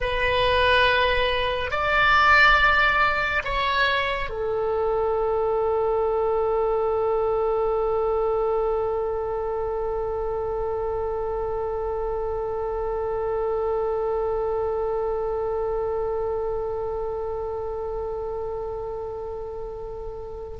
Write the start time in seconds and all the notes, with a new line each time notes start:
0.00 B4
1.71 D5
3.44 C#5
4.29 A4